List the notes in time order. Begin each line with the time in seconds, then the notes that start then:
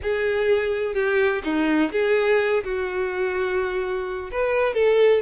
0.02 G#4
0.94 G4
1.44 D#4
1.92 G#4
2.64 F#4
4.31 B4
4.74 A4